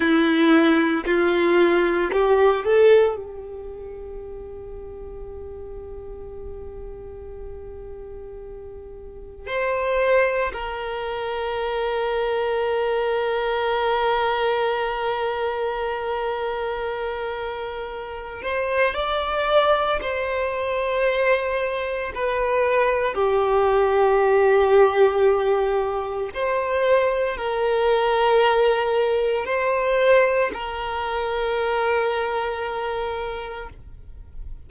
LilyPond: \new Staff \with { instrumentName = "violin" } { \time 4/4 \tempo 4 = 57 e'4 f'4 g'8 a'8 g'4~ | g'1~ | g'4 c''4 ais'2~ | ais'1~ |
ais'4. c''8 d''4 c''4~ | c''4 b'4 g'2~ | g'4 c''4 ais'2 | c''4 ais'2. | }